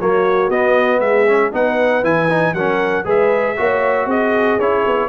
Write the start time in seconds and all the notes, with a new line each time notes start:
0.00 F#3 A#3 F#4 C#5
0.50 B3 D#5
1.00 G#3 G#4 E5
1.28 C#4
1.53 B3 D#4 B4 F#5
2.04 E3 E4 G#5
2.30 D#4
2.54 F#3 C#4 A#4 F#5
3.05 G#3 G#4 B4 E5
3.57 A#3 F#4 C#5
4.06 C4 G#4 D#5
4.59 C#4 E4 C#5
4.87 B3